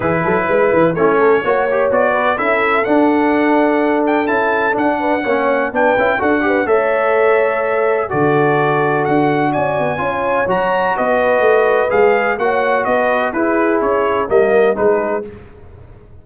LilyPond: <<
  \new Staff \with { instrumentName = "trumpet" } { \time 4/4 \tempo 4 = 126 b'2 cis''2 | d''4 e''4 fis''2~ | fis''8 g''8 a''4 fis''2 | g''4 fis''4 e''2~ |
e''4 d''2 fis''4 | gis''2 ais''4 dis''4~ | dis''4 f''4 fis''4 dis''4 | b'4 cis''4 dis''4 b'4 | }
  \new Staff \with { instrumentName = "horn" } { \time 4/4 gis'8 a'8 b'4 e'8 a'8 cis''4~ | cis''8 b'8 a'2.~ | a'2~ a'8 b'8 cis''4 | b'4 a'8 b'8 cis''2~ |
cis''4 a'2. | d''4 cis''2 b'4~ | b'2 cis''4 b'4 | gis'2 ais'4 gis'4 | }
  \new Staff \with { instrumentName = "trombone" } { \time 4/4 e'2 cis'4 fis'8 g'8 | fis'4 e'4 d'2~ | d'4 e'4 d'4 cis'4 | d'8 e'8 fis'8 g'8 a'2~ |
a'4 fis'2.~ | fis'4 f'4 fis'2~ | fis'4 gis'4 fis'2 | e'2 ais4 dis'4 | }
  \new Staff \with { instrumentName = "tuba" } { \time 4/4 e8 fis8 gis8 e8 a4 ais4 | b4 cis'4 d'2~ | d'4 cis'4 d'4 ais4 | b8 cis'8 d'4 a2~ |
a4 d2 d'4 | cis'8 b8 cis'4 fis4 b4 | a4 gis4 ais4 b4 | e'4 cis'4 g4 gis4 | }
>>